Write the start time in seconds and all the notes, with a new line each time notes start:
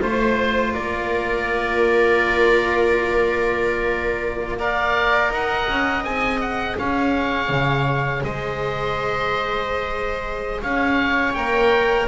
0.00 A3 F4 C5
0.73 A#3 A#4 D5
4.58 A#4 D5 F5
5.29 D#4 D#5 F#5
5.68 C#4
6.03 C4 G#4 G#5
6.40 F#5
6.78 C#4 C#5 F5
7.48 C#3
8.23 G#3 C5 D#5
10.62 C#4 C#5 F5
11.33 A#3 A#4 G5